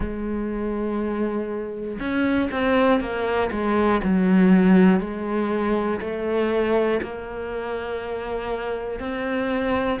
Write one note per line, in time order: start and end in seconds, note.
0.00 1.98 G#3
2.00 2.50 C#4
2.51 3.00 C4
3.00 3.50 A#3
3.50 4.00 G#3
4.03 5.00 F#3
5.00 6.00 G#3
6.00 7.00 A3
7.02 9.00 A#3
9.00 10.00 C4